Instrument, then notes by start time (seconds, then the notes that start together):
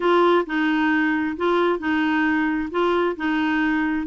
clarinet
0.00 F4
0.46 D#4
1.37 F4
1.79 D#4
2.70 F4
3.16 D#4